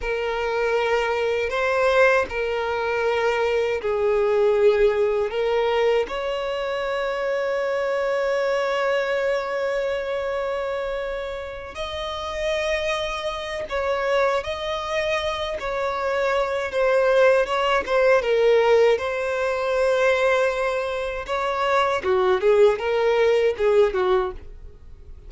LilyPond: \new Staff \with { instrumentName = "violin" } { \time 4/4 \tempo 4 = 79 ais'2 c''4 ais'4~ | ais'4 gis'2 ais'4 | cis''1~ | cis''2.~ cis''8 dis''8~ |
dis''2 cis''4 dis''4~ | dis''8 cis''4. c''4 cis''8 c''8 | ais'4 c''2. | cis''4 fis'8 gis'8 ais'4 gis'8 fis'8 | }